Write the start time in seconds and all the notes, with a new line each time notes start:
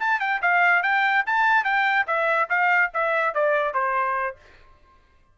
0.00 A5
0.20 G5
0.42 F5
0.83 G5
1.26 A5
1.64 G5
2.07 E5
2.50 F5
2.94 E5
3.34 D5
3.74 C5